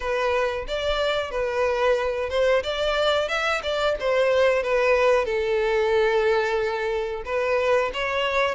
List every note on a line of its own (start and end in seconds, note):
0.00 0.65 B4
0.67 1.30 D5
1.30 2.29 B4
2.29 2.62 C5
2.63 3.28 D5
3.28 3.61 E5
3.62 3.95 D5
4.00 4.62 C5
4.62 5.25 B4
5.25 7.23 A4
7.25 7.91 B4
7.93 8.54 C#5